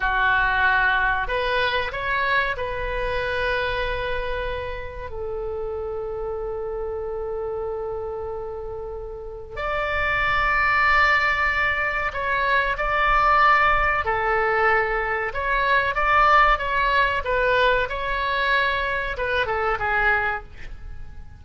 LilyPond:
\new Staff \with { instrumentName = "oboe" } { \time 4/4 \tempo 4 = 94 fis'2 b'4 cis''4 | b'1 | a'1~ | a'2. d''4~ |
d''2. cis''4 | d''2 a'2 | cis''4 d''4 cis''4 b'4 | cis''2 b'8 a'8 gis'4 | }